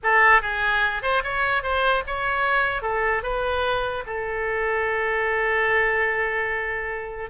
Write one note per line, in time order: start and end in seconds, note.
0.03 0.41 A4
0.41 1.02 G#4
1.02 1.23 C5
1.23 1.62 C#5
1.62 2.03 C5
2.07 2.82 C#5
2.82 3.22 A4
3.22 4.03 B4
4.06 7.30 A4